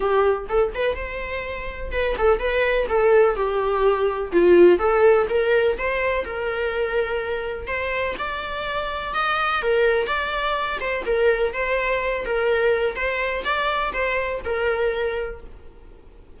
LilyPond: \new Staff \with { instrumentName = "viola" } { \time 4/4 \tempo 4 = 125 g'4 a'8 b'8 c''2 | b'8 a'8 b'4 a'4 g'4~ | g'4 f'4 a'4 ais'4 | c''4 ais'2. |
c''4 d''2 dis''4 | ais'4 d''4. c''8 ais'4 | c''4. ais'4. c''4 | d''4 c''4 ais'2 | }